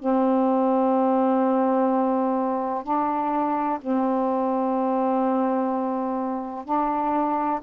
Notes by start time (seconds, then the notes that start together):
0.00 C4
2.84 D4
3.81 C4
6.65 D4